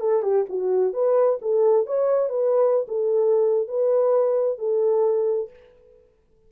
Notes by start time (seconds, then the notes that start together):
0.00 A4
0.22 G4
0.49 F#4
0.93 B4
1.42 A4
1.87 C#5
2.29 B4
2.88 A4
3.68 B4
4.58 A4